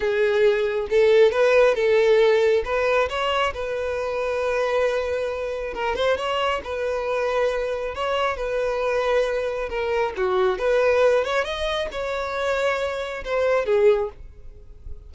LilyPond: \new Staff \with { instrumentName = "violin" } { \time 4/4 \tempo 4 = 136 gis'2 a'4 b'4 | a'2 b'4 cis''4 | b'1~ | b'4 ais'8 c''8 cis''4 b'4~ |
b'2 cis''4 b'4~ | b'2 ais'4 fis'4 | b'4. cis''8 dis''4 cis''4~ | cis''2 c''4 gis'4 | }